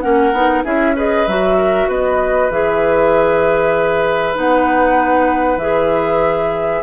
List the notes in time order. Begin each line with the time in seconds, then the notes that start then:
0.00 A#3 C#4 A#4 F#5
0.32 B3 D#4
0.64 C#4 E4 G#4 E5
0.95 G#4 B4 D#5
1.27 F#3 F#4 E5
1.57 A#4
1.88 B3 B4 D#5
2.49 E3 G#4 E5
4.34 B3 D#4 F#5
5.57 E3 G#4 E5